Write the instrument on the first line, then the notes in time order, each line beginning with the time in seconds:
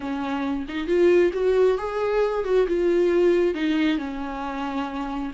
viola
0.00 C#4
0.68 D#4
0.87 F4
1.33 F#4
1.78 G#4
2.44 F#4
2.67 F4
3.54 D#4
3.98 C#4